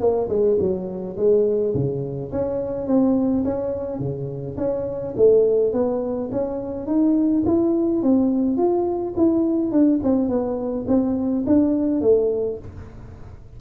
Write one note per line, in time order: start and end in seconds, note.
0.00 0.29 A#3
0.29 0.58 G#3
0.59 1.17 F#3
1.17 1.74 G#3
1.75 2.32 C#3
2.32 2.87 C#4
2.87 3.44 C4
3.44 3.99 C#4
3.99 4.57 C#3
4.57 5.15 C#4
5.17 5.73 A3
5.73 6.30 B3
6.32 6.87 C#4
6.87 7.44 D#4
7.46 8.03 E4
8.03 8.57 C4
8.57 9.15 F4
9.17 9.72 E4
9.72 10.00 D4
10.04 10.29 C4
10.29 10.86 B3
10.88 11.45 C4
11.47 12.01 D4
12.01 12.58 A3